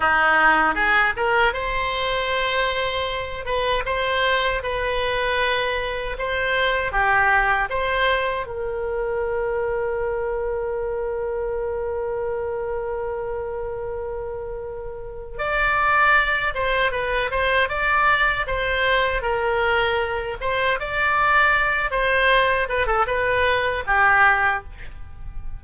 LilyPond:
\new Staff \with { instrumentName = "oboe" } { \time 4/4 \tempo 4 = 78 dis'4 gis'8 ais'8 c''2~ | c''8 b'8 c''4 b'2 | c''4 g'4 c''4 ais'4~ | ais'1~ |
ais'1 | d''4. c''8 b'8 c''8 d''4 | c''4 ais'4. c''8 d''4~ | d''8 c''4 b'16 a'16 b'4 g'4 | }